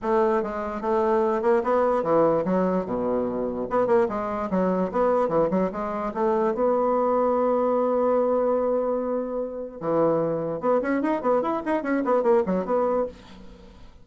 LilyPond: \new Staff \with { instrumentName = "bassoon" } { \time 4/4 \tempo 4 = 147 a4 gis4 a4. ais8 | b4 e4 fis4 b,4~ | b,4 b8 ais8 gis4 fis4 | b4 e8 fis8 gis4 a4 |
b1~ | b1 | e2 b8 cis'8 dis'8 b8 | e'8 dis'8 cis'8 b8 ais8 fis8 b4 | }